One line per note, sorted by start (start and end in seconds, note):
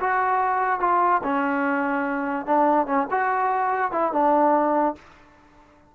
0.00 0.80 F#4
0.80 1.22 F4
1.23 2.46 C#4
2.46 2.86 D4
2.86 3.07 C#4
3.11 3.92 F#4
3.92 4.12 E4
4.12 4.95 D4